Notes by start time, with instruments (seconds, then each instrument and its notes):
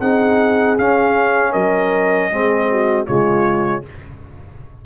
0.00 tuba C4, trombone D#4, horn G#4, trumpet F#5
0.78 tuba C#4, trombone C#4, trumpet F5
1.52 tuba F#3, horn A#4, trumpet D#5
2.30 tuba G#3, trombone C4, horn G#4
2.71 horn F#4
3.06 tuba C#3, trombone G#3, horn F4, trumpet C#5